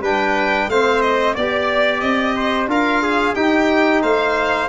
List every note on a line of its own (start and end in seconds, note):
0.00 0.67 G3
0.00 0.70 D4
0.00 0.68 B4
0.00 0.70 G5
0.68 1.35 A3
0.68 1.38 C4
0.68 1.34 C5
0.68 1.01 F5
1.01 1.34 D#5
1.34 2.02 B3
1.34 2.68 G4
1.34 2.34 D5
1.34 2.00 D5
2.00 2.67 C4
2.00 2.67 D#5
2.35 2.68 C5
2.67 3.34 D4
2.67 3.34 F4
2.67 3.02 A#4
2.67 3.34 F5
3.02 3.35 G#4
3.34 4.68 D#4
3.34 4.02 D#4
3.34 4.02 G4
3.34 4.01 G5
4.02 4.68 A3
4.02 4.68 C5
4.02 4.68 F5